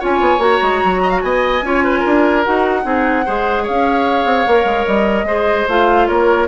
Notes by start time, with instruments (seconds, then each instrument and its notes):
0.00 bassoon C#4, clarinet F4, oboe C#5, flute G#5
0.21 bassoon B3
0.39 bassoon A#3, clarinet F#4, flute A#5
0.62 bassoon G#3
0.84 bassoon F#3
1.03 oboe D#5
1.10 oboe F5
1.22 bassoon B3, oboe D#5, flute G#5
1.63 bassoon C#4, clarinet F4, oboe C#5
1.84 oboe B4
2.00 oboe A#4
2.06 bassoon D4
2.44 bassoon D#4, clarinet F#4, flute F#5
2.83 bassoon C4, clarinet D#4, oboe G#4
3.26 bassoon G#3, clarinet G#4, oboe C5
3.63 bassoon C#4, oboe C#5, flute F5
4.25 bassoon C4
4.47 bassoon A#3, clarinet A#4
4.65 bassoon G#3
4.87 bassoon G3, flute D#5
5.24 bassoon G#3, clarinet G#4, oboe C5
5.69 bassoon A3, clarinet F4, flute F5
6.08 bassoon A#3, oboe A#4, flute C#5